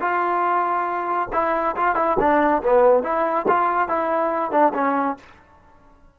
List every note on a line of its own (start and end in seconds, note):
0.00 1.29 F4
1.32 1.75 E4
1.76 1.95 F4
1.95 2.17 E4
2.20 2.62 D4
2.63 3.03 B3
3.03 3.46 E4
3.48 3.88 F4
3.88 4.51 E4
4.51 4.72 D4
4.74 5.16 C#4